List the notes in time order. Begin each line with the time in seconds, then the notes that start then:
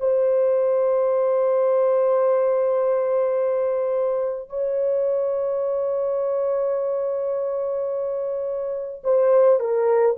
0.00 C5
4.50 C#5
9.04 C5
9.60 A#4